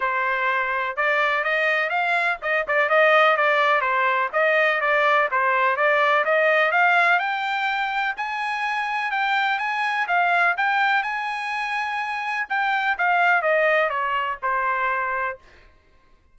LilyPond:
\new Staff \with { instrumentName = "trumpet" } { \time 4/4 \tempo 4 = 125 c''2 d''4 dis''4 | f''4 dis''8 d''8 dis''4 d''4 | c''4 dis''4 d''4 c''4 | d''4 dis''4 f''4 g''4~ |
g''4 gis''2 g''4 | gis''4 f''4 g''4 gis''4~ | gis''2 g''4 f''4 | dis''4 cis''4 c''2 | }